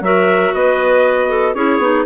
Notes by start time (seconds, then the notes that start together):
0.00 F#3 F#4 A#4 E5
0.54 B3 B4 D#5
1.29 A4
1.54 C#4 E4 G#4 C#5
1.78 B3 D#4